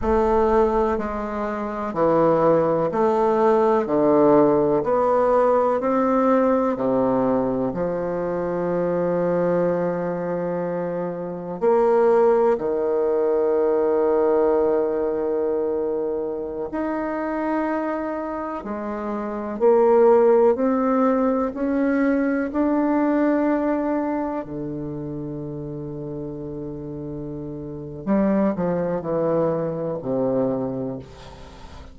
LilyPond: \new Staff \with { instrumentName = "bassoon" } { \time 4/4 \tempo 4 = 62 a4 gis4 e4 a4 | d4 b4 c'4 c4 | f1 | ais4 dis2.~ |
dis4~ dis16 dis'2 gis8.~ | gis16 ais4 c'4 cis'4 d'8.~ | d'4~ d'16 d2~ d8.~ | d4 g8 f8 e4 c4 | }